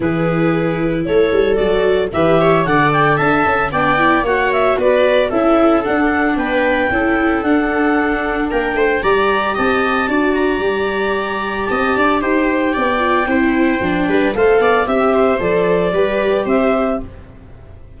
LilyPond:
<<
  \new Staff \with { instrumentName = "clarinet" } { \time 4/4 \tempo 4 = 113 b'2 cis''4 d''4 | e''4 fis''8 g''8 a''4 g''4 | fis''8 e''8 d''4 e''4 fis''4 | g''2 fis''2 |
g''4 ais''4 a''4. ais''8~ | ais''2 a''4 g''4~ | g''2. f''4 | e''4 d''2 e''4 | }
  \new Staff \with { instrumentName = "viola" } { \time 4/4 gis'2 a'2 | b'8 cis''8 d''4 e''4 d''4 | cis''4 b'4 a'2 | b'4 a'2. |
ais'8 c''8 d''4 dis''4 d''4~ | d''2 dis''8 d''8 c''4 | d''4 c''4. b'8 c''8 d''8 | e''8 c''4. b'4 c''4 | }
  \new Staff \with { instrumentName = "viola" } { \time 4/4 e'2. fis'4 | g'4 a'2 d'8 e'8 | fis'2 e'4 d'4~ | d'4 e'4 d'2~ |
d'4 g'2 fis'4 | g'1~ | g'8 f'8 e'4 d'4 a'4 | g'4 a'4 g'2 | }
  \new Staff \with { instrumentName = "tuba" } { \time 4/4 e2 a8 g8 fis4 | e4 d4 d'8 cis'8 b4 | ais4 b4 cis'4 d'4 | b4 cis'4 d'2 |
ais8 a8 g4 c'4 d'4 | g2 c'8 d'8 dis'4 | b4 c'4 f8 g8 a8 b8 | c'4 f4 g4 c'4 | }
>>